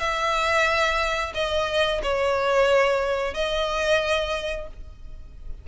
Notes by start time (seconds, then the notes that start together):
0.00 E5
1.35 D#5
2.03 C#5
3.35 D#5